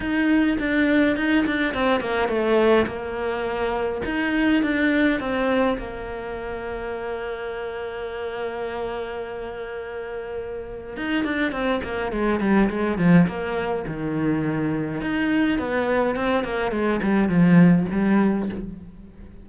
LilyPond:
\new Staff \with { instrumentName = "cello" } { \time 4/4 \tempo 4 = 104 dis'4 d'4 dis'8 d'8 c'8 ais8 | a4 ais2 dis'4 | d'4 c'4 ais2~ | ais1~ |
ais2. dis'8 d'8 | c'8 ais8 gis8 g8 gis8 f8 ais4 | dis2 dis'4 b4 | c'8 ais8 gis8 g8 f4 g4 | }